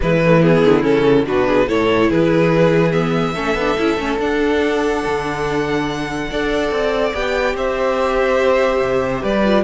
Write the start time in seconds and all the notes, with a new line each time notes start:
0.00 E3 G#3 E4 B4
0.25 A3
0.41 B3 G#4
0.65 D3
0.82 C#3 C#4 A4
1.26 B2 D4 F#4 B4
1.47 G#4
1.67 A2 E4 A4 C#5
2.09 E3 G#4 B4
2.91 B3 E5
3.34 A3 C#4 A4
3.54 B3 D4
3.77 C#4 E4
3.96 A3 C#4
4.18 D4 F#5
5.05 D3
6.31 D4 A4 D5
6.71 C4
7.13 B3 G4 G5
7.54 C4 C5 E5
8.80 C3
9.22 G3 B4 D5
9.44 F4